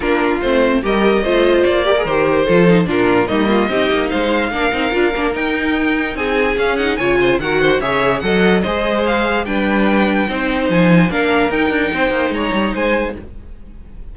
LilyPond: <<
  \new Staff \with { instrumentName = "violin" } { \time 4/4 \tempo 4 = 146 ais'4 c''4 dis''2 | d''4 c''2 ais'4 | dis''2 f''2~ | f''4 g''2 gis''4 |
f''8 fis''8 gis''4 fis''4 e''4 | fis''4 dis''4 f''4 g''4~ | g''2 gis''4 f''4 | g''2 ais''4 gis''4 | }
  \new Staff \with { instrumentName = "violin" } { \time 4/4 f'2 ais'4 c''4~ | c''8 ais'4. a'4 f'4 | dis'8 f'8 g'4 c''4 ais'4~ | ais'2. gis'4~ |
gis'4 cis''8 c''8 ais'8 c''8 cis''4 | dis''4 c''2 b'4~ | b'4 c''2 ais'4~ | ais'4 c''4 cis''4 c''4 | }
  \new Staff \with { instrumentName = "viola" } { \time 4/4 d'4 c'4 g'4 f'4~ | f'8 g'16 gis'16 g'4 f'8 dis'8 d'4 | ais4 dis'2 d'8 dis'8 | f'8 d'8 dis'2. |
cis'8 dis'8 f'4 fis'4 gis'4 | a'4 gis'2 d'4~ | d'4 dis'2 d'4 | dis'1 | }
  \new Staff \with { instrumentName = "cello" } { \time 4/4 ais4 a4 g4 a4 | ais4 dis4 f4 ais,4 | g4 c'8 ais8 gis4 ais8 c'8 | d'8 ais8 dis'2 c'4 |
cis'4 cis4 dis4 cis4 | fis4 gis2 g4~ | g4 c'4 f4 ais4 | dis'8 d'8 c'8 ais8 gis8 g8 gis4 | }
>>